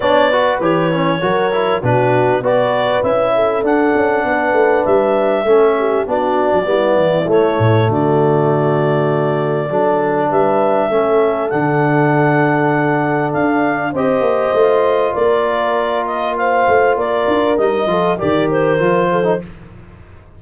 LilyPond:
<<
  \new Staff \with { instrumentName = "clarinet" } { \time 4/4 \tempo 4 = 99 d''4 cis''2 b'4 | d''4 e''4 fis''2 | e''2 d''2 | cis''4 d''2.~ |
d''4 e''2 fis''4~ | fis''2 f''4 dis''4~ | dis''4 d''4. dis''8 f''4 | d''4 dis''4 d''8 c''4. | }
  \new Staff \with { instrumentName = "horn" } { \time 4/4 cis''8 b'4. ais'4 fis'4 | b'4. a'4. b'4~ | b'4 a'8 g'8 fis'4 e'4~ | e'4 fis'2. |
a'4 b'4 a'2~ | a'2. c''4~ | c''4 ais'2 c''4 | ais'4. a'8 ais'4. a'8 | }
  \new Staff \with { instrumentName = "trombone" } { \time 4/4 d'8 fis'8 g'8 cis'8 fis'8 e'8 d'4 | fis'4 e'4 d'2~ | d'4 cis'4 d'4 b4 | a1 |
d'2 cis'4 d'4~ | d'2. g'4 | f'1~ | f'4 dis'8 f'8 g'4 f'8. dis'16 | }
  \new Staff \with { instrumentName = "tuba" } { \time 4/4 b4 e4 fis4 b,4 | b4 cis'4 d'8 cis'8 b8 a8 | g4 a4 b8. fis16 g8 e8 | a8 a,8 d2. |
fis4 g4 a4 d4~ | d2 d'4 c'8 ais8 | a4 ais2~ ais8 a8 | ais8 d'8 g8 f8 dis4 f4 | }
>>